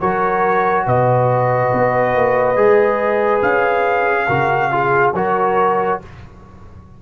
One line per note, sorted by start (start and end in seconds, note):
0.00 0.86 F#3
0.00 2.56 F#4
0.00 0.86 A#4
0.00 0.86 C#5
0.86 1.72 B2
0.86 4.27 B4
0.86 3.42 D#5
1.73 2.15 B3
2.15 2.56 A#3
2.56 3.42 G#3
2.56 4.28 G#4
3.42 4.27 C#4
3.42 5.14 F5
4.27 5.14 C#3
4.27 4.72 F#4
4.27 4.70 A#4
4.72 5.14 F4
4.72 5.15 G#4
5.14 5.99 F#3
5.14 6.02 F#4
5.14 6.02 A#4
5.14 6.01 C#5